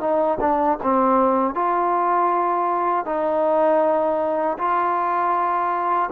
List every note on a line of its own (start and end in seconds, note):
0.00 0.38 D#4
0.40 0.78 D4
0.83 1.55 C4
1.55 3.06 F4
3.06 4.57 D#4
4.58 6.10 F4